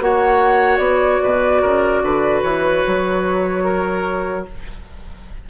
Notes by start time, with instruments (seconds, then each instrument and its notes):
0.00 bassoon A#3, clarinet F#4, oboe C#5, flute F#5
0.78 bassoon B3, flute D5
1.23 bassoon B2, oboe B4
1.62 bassoon C#3, oboe A#4
2.02 bassoon D3, oboe B4
2.42 bassoon E3, flute C#5
2.87 bassoon F#3
3.64 oboe A#4